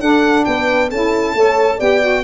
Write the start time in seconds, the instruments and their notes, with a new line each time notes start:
0.00 saxophone D4, tuba D4, horn A4, violin F#5
0.44 tuba B3, horn B4, violin G5
0.89 tuba C#4, saxophone E4, horn A4, violin A5
1.34 tuba A3, saxophone A4, horn C#5
1.77 tuba B3, saxophone G4, horn D5, violin G5
2.01 saxophone F#4